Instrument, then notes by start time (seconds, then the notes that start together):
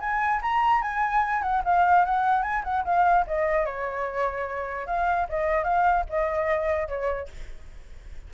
flute
0.00 G#5
0.42 A#5
0.82 G#5
1.42 F#5
1.65 F5
2.05 F#5
2.43 G#5
2.64 F#5
2.85 F5
3.27 D#5
3.65 C#5
4.87 F5
5.29 D#5
5.64 F5
6.09 D#5
6.88 C#5